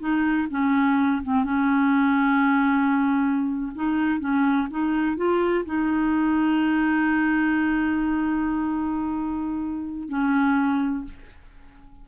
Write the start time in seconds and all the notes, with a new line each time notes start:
0.00 D#4
0.51 C#4
1.23 C4
1.44 C#4
3.75 D#4
4.20 C#4
4.71 D#4
5.17 F4
5.66 D#4
10.09 C#4